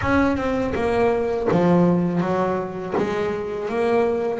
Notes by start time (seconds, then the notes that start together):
0.01 C#4
0.37 C4
0.75 A#3
1.51 F3
2.21 F#3
2.97 G#3
3.68 A#3